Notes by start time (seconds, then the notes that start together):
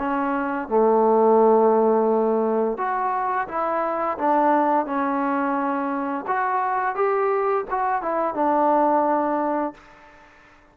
0.00 C#4
0.69 A3
2.78 F#4
3.49 E4
4.18 D4
4.86 C#4
6.28 F#4
6.95 G4
7.71 F#4
8.03 E4
8.35 D4